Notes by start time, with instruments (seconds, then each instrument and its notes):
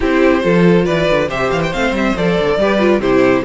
0.00 cello C4, viola E4, violin G4 C5
0.42 cello F3, viola F4, violin A4
0.85 cello E3, violin B4 D5
1.10 cello D3
1.28 cello C3, viola G4, violin C5 E5
1.51 cello E3, violin F5
1.62 violin G5
1.72 cello A3, viola C4, violin F5
1.91 cello G3, violin E5
2.16 cello F3, viola A4, violin D5
2.38 cello D3
2.57 cello G3, viola G4, violin B4
2.79 viola F4
2.98 cello C3, viola E4, violin G4 C5